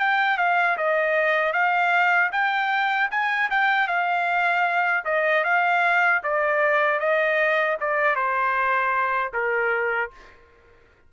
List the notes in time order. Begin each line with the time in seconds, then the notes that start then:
0.00 G5
0.38 F5
0.78 D#5
1.53 F5
2.32 G5
3.11 G#5
3.51 G5
3.88 F5
5.05 D#5
5.44 F5
6.23 D5
7.00 D#5
7.81 D5
8.16 C5
9.33 A#4